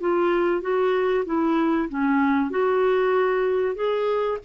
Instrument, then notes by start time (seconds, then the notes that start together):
clarinet
0.00 F4
0.61 F#4
1.25 E4
1.89 C#4
2.50 F#4
3.75 G#4